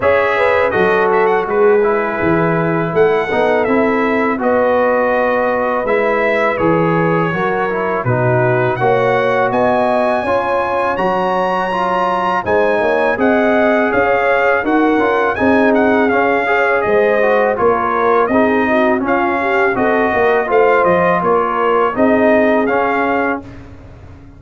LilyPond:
<<
  \new Staff \with { instrumentName = "trumpet" } { \time 4/4 \tempo 4 = 82 e''4 dis''8 e''16 fis''16 b'2 | fis''4 e''4 dis''2 | e''4 cis''2 b'4 | fis''4 gis''2 ais''4~ |
ais''4 gis''4 fis''4 f''4 | fis''4 gis''8 fis''8 f''4 dis''4 | cis''4 dis''4 f''4 dis''4 | f''8 dis''8 cis''4 dis''4 f''4 | }
  \new Staff \with { instrumentName = "horn" } { \time 4/4 cis''8 b'8 a'4 gis'2 | a'2 b'2~ | b'2 ais'4 fis'4 | cis''4 dis''4 cis''2~ |
cis''4 c''8 cis''8 dis''4 cis''4 | ais'4 gis'4. cis''8 c''4 | ais'4 gis'8 fis'8 f'8 g'8 a'8 ais'8 | c''4 ais'4 gis'2 | }
  \new Staff \with { instrumentName = "trombone" } { \time 4/4 gis'4 fis'4. e'4.~ | e'8 dis'8 e'4 fis'2 | e'4 gis'4 fis'8 e'8 dis'4 | fis'2 f'4 fis'4 |
f'4 dis'4 gis'2 | fis'8 f'8 dis'4 cis'8 gis'4 fis'8 | f'4 dis'4 cis'4 fis'4 | f'2 dis'4 cis'4 | }
  \new Staff \with { instrumentName = "tuba" } { \time 4/4 cis'4 fis4 gis4 e4 | a8 b8 c'4 b2 | gis4 e4 fis4 b,4 | ais4 b4 cis'4 fis4~ |
fis4 gis8 ais8 c'4 cis'4 | dis'8 cis'8 c'4 cis'4 gis4 | ais4 c'4 cis'4 c'8 ais8 | a8 f8 ais4 c'4 cis'4 | }
>>